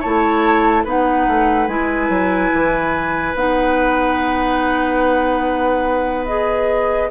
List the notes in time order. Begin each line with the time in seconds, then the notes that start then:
0.00 A3 E4 C#5 A5
0.84 B3 D#4 B4 F#5
1.27 A3
1.68 G#3 E4 G#5
2.09 F#3
2.53 E3
3.35 B3 D#4 F#5
6.26 G#4 D#5